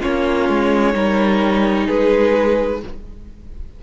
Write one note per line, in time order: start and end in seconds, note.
0.00 0.49 A#3
0.00 0.93 C#4
0.00 0.94 F4
0.00 1.88 C#5
0.49 0.94 G#3
0.93 1.88 G3
0.93 2.81 D#4
0.93 1.86 A#4
1.86 2.83 G#3
1.86 2.79 G#4
1.86 2.82 B4